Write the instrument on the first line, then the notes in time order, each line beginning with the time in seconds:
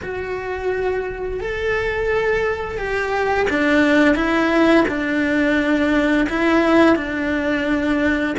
cello
0.02 F#4
1.40 A4
2.77 G4
3.49 D4
4.15 E4
4.88 D4
6.29 E4
6.96 D4